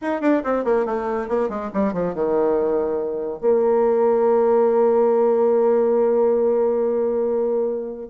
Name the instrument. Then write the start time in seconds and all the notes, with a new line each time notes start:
bassoon
0.01 D#4
0.21 D4
0.44 C4
0.64 A#3
0.85 A3
1.28 A#3
1.49 G#3
1.73 G3
1.93 F3
2.14 D#3
3.40 A#3